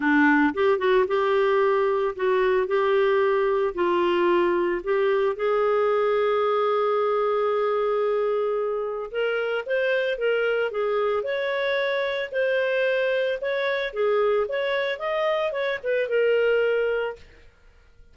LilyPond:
\new Staff \with { instrumentName = "clarinet" } { \time 4/4 \tempo 4 = 112 d'4 g'8 fis'8 g'2 | fis'4 g'2 f'4~ | f'4 g'4 gis'2~ | gis'1~ |
gis'4 ais'4 c''4 ais'4 | gis'4 cis''2 c''4~ | c''4 cis''4 gis'4 cis''4 | dis''4 cis''8 b'8 ais'2 | }